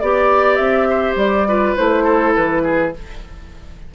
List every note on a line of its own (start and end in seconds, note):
0.00 0.59 B3
0.00 1.48 G4
0.00 0.56 D5
0.00 0.89 D5
0.56 1.16 C4
0.56 1.14 E5
0.90 1.48 C5
1.16 1.74 G3
1.16 1.76 D5
1.48 1.78 F4
1.48 2.04 B4
1.76 2.37 A3
1.76 2.94 E4
1.76 2.35 C5
2.04 2.62 A4
2.35 2.95 E3
2.35 2.94 B4
2.64 2.93 G#4